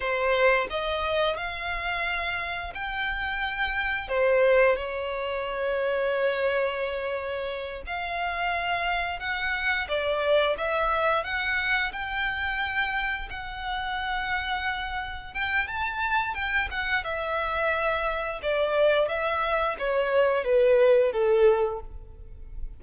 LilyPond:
\new Staff \with { instrumentName = "violin" } { \time 4/4 \tempo 4 = 88 c''4 dis''4 f''2 | g''2 c''4 cis''4~ | cis''2.~ cis''8 f''8~ | f''4. fis''4 d''4 e''8~ |
e''8 fis''4 g''2 fis''8~ | fis''2~ fis''8 g''8 a''4 | g''8 fis''8 e''2 d''4 | e''4 cis''4 b'4 a'4 | }